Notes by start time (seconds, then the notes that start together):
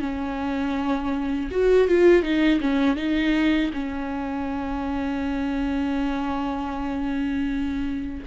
0.00 C#4
1.51 F#4
1.88 F4
2.23 D#4
2.61 C#4
2.97 D#4
3.74 C#4